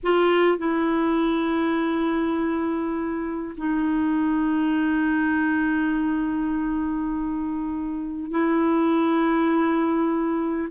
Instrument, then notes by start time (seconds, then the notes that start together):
clarinet
0.03 F4
0.58 E4
3.57 D#4
8.31 E4